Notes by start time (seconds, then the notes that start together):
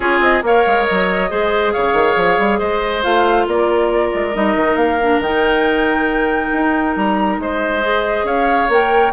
0.00 C#4 F4 G#4 C#5
0.19 C4 D#5
0.42 A#3 A#4 C#5 F5
0.66 G#3
0.85 F#3 D#5
1.29 G#3 G#4 C5
1.72 C#3 C#5 F5
1.93 D#3
2.16 F3
2.38 G3
2.58 G#3 C5 D#5
3.02 A3 F4 F5
3.46 A#3 A#4 D5
4.14 G#3
4.33 G3 D#4 D#5
4.55 D#3
4.75 A#3 F5
5.02 D4
5.19 D#3 D#4 G5
6.52 D#4
6.96 G3 A#5
7.38 G#3 C5 D#5
7.82 G#4
8.23 C#4 C#5 F5
8.68 A#3 A#4 G5